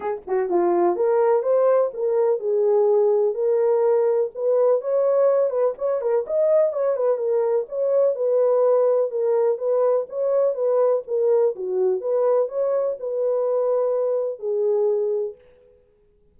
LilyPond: \new Staff \with { instrumentName = "horn" } { \time 4/4 \tempo 4 = 125 gis'8 fis'8 f'4 ais'4 c''4 | ais'4 gis'2 ais'4~ | ais'4 b'4 cis''4. b'8 | cis''8 ais'8 dis''4 cis''8 b'8 ais'4 |
cis''4 b'2 ais'4 | b'4 cis''4 b'4 ais'4 | fis'4 b'4 cis''4 b'4~ | b'2 gis'2 | }